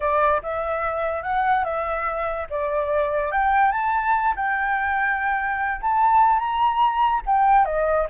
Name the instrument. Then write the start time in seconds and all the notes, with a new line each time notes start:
flute
0.00 D5
0.42 E5
1.22 F#5
1.64 E5
2.50 D5
3.31 G5
3.71 A5
4.36 G5
5.81 A5
6.39 A#5
7.26 G5
7.65 D#5